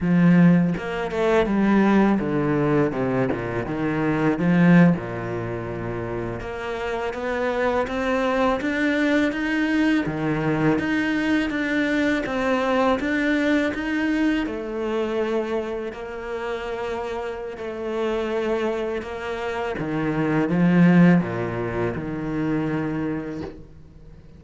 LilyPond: \new Staff \with { instrumentName = "cello" } { \time 4/4 \tempo 4 = 82 f4 ais8 a8 g4 d4 | c8 ais,8 dis4 f8. ais,4~ ais,16~ | ais,8. ais4 b4 c'4 d'16~ | d'8. dis'4 dis4 dis'4 d'16~ |
d'8. c'4 d'4 dis'4 a16~ | a4.~ a16 ais2~ ais16 | a2 ais4 dis4 | f4 ais,4 dis2 | }